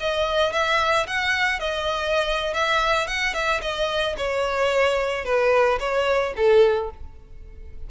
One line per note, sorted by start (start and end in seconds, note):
0.00 0.52 D#5
0.52 1.06 E5
1.07 1.59 F#5
1.59 2.54 D#5
2.54 3.07 E5
3.07 3.34 F#5
3.34 3.61 E5
3.62 4.16 D#5
4.17 5.25 C#5
5.25 5.79 B4
5.80 6.34 C#5
6.36 6.90 A4